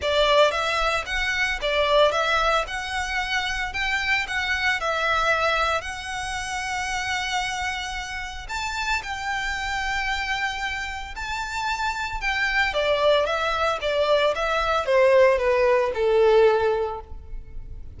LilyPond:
\new Staff \with { instrumentName = "violin" } { \time 4/4 \tempo 4 = 113 d''4 e''4 fis''4 d''4 | e''4 fis''2 g''4 | fis''4 e''2 fis''4~ | fis''1 |
a''4 g''2.~ | g''4 a''2 g''4 | d''4 e''4 d''4 e''4 | c''4 b'4 a'2 | }